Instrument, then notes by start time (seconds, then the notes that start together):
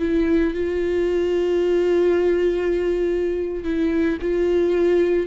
viola
0.00 E4
0.54 F4
3.64 E4
4.22 F4